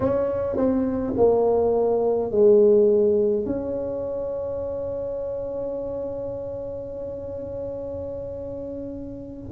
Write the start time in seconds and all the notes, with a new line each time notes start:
0.00 C#4
0.56 C4
1.16 A#3
2.31 G#3
3.45 C#4